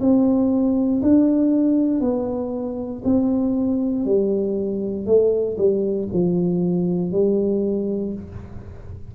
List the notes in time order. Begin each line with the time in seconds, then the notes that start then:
0.00 C4
1.02 D4
2.01 B3
3.04 C4
4.05 G3
5.06 A3
5.57 G3
6.12 F3
7.11 G3